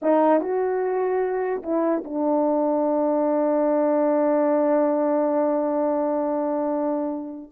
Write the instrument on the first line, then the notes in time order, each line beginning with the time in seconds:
horn
0.01 D#4
0.41 F#4
1.62 E4
2.04 D4